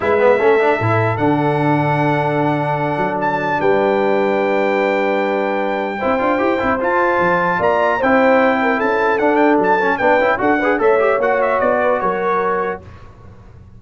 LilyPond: <<
  \new Staff \with { instrumentName = "trumpet" } { \time 4/4 \tempo 4 = 150 e''2. fis''4~ | fis''1 | a''4 g''2.~ | g''1~ |
g''4 a''2 ais''4 | g''2 a''4 fis''8 g''8 | a''4 g''4 fis''4 e''4 | fis''8 e''8 d''4 cis''2 | }
  \new Staff \with { instrumentName = "horn" } { \time 4/4 b'4 a'2.~ | a'1~ | a'4 b'2.~ | b'2. c''4~ |
c''2. d''4 | c''4. ais'8 a'2~ | a'4 b'4 a'8 b'8 cis''4~ | cis''4. b'8 ais'2 | }
  \new Staff \with { instrumentName = "trombone" } { \time 4/4 e'8 b8 cis'8 d'8 e'4 d'4~ | d'1~ | d'1~ | d'2. e'8 f'8 |
g'8 e'8 f'2. | e'2. d'4~ | d'8 cis'8 d'8 e'8 fis'8 gis'8 a'8 g'8 | fis'1 | }
  \new Staff \with { instrumentName = "tuba" } { \time 4/4 gis4 a4 a,4 d4~ | d2.~ d8 fis8~ | fis4 g2.~ | g2. c'8 d'8 |
e'8 c'8 f'4 f4 ais4 | c'2 cis'4 d'4 | fis4 b8 cis'8 d'4 a4 | ais4 b4 fis2 | }
>>